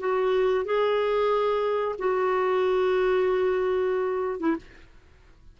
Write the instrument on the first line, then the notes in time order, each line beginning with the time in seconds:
clarinet
0.00 F#4
0.66 G#4
1.99 F#4
4.40 E4